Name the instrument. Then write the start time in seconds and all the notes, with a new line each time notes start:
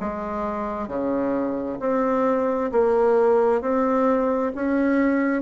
bassoon
0.00 G#3
0.87 C#3
1.80 C4
2.71 A#3
3.61 C4
4.55 C#4